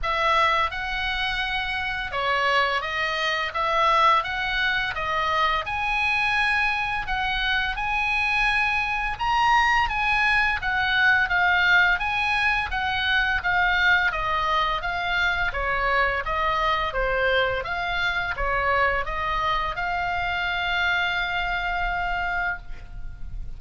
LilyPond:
\new Staff \with { instrumentName = "oboe" } { \time 4/4 \tempo 4 = 85 e''4 fis''2 cis''4 | dis''4 e''4 fis''4 dis''4 | gis''2 fis''4 gis''4~ | gis''4 ais''4 gis''4 fis''4 |
f''4 gis''4 fis''4 f''4 | dis''4 f''4 cis''4 dis''4 | c''4 f''4 cis''4 dis''4 | f''1 | }